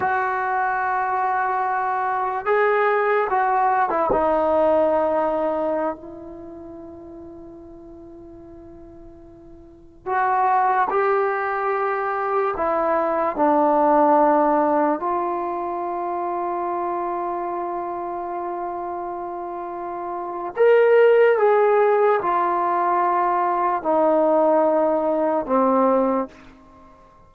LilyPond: \new Staff \with { instrumentName = "trombone" } { \time 4/4 \tempo 4 = 73 fis'2. gis'4 | fis'8. e'16 dis'2~ dis'16 e'8.~ | e'1~ | e'16 fis'4 g'2 e'8.~ |
e'16 d'2 f'4.~ f'16~ | f'1~ | f'4 ais'4 gis'4 f'4~ | f'4 dis'2 c'4 | }